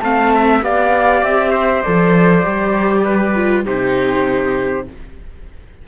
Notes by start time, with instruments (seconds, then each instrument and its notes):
0.00 cello A3, viola C4, trumpet F5, flute A5
0.35 trumpet E5
0.62 cello B3, viola G4, trumpet D5, flute F5
1.22 cello C4, flute E5
1.51 trumpet C5
1.82 cello F3, viola A4, flute D5
2.43 cello G3, viola G4
3.05 trumpet B4
3.36 viola F4
3.65 cello C3, viola D#4, trumpet G4, flute C5